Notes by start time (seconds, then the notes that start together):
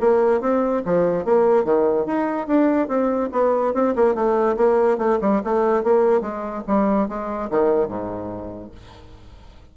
0.00 A#3
0.41 C4
0.85 F3
1.24 A#3
1.64 D#3
2.06 D#4
2.47 D4
2.88 C4
3.32 B3
3.74 C4
3.95 A#3
4.14 A3
4.56 A#3
4.98 A3
5.21 G3
5.44 A3
5.83 A#3
6.21 G#3
6.67 G3
7.08 G#3
7.50 D#3
7.88 G#2